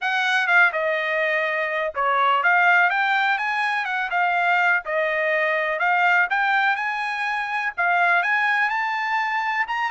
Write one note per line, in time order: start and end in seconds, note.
0.01 0.47 F#5
0.47 0.71 F5
0.72 1.93 D#5
1.94 2.43 C#5
2.43 2.89 F5
2.89 3.38 G5
3.38 3.85 G#5
3.85 4.09 F#5
4.10 4.83 F5
4.85 5.79 D#5
5.79 6.27 F5
6.29 6.76 G5
6.76 7.72 G#5
7.77 8.23 F5
8.23 8.69 G#5
8.69 9.66 A5
9.67 9.90 A#5